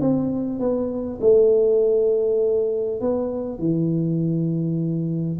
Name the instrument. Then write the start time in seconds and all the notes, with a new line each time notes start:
tuba
0.00 C4
0.59 B3
1.21 A3
3.00 B3
3.58 E3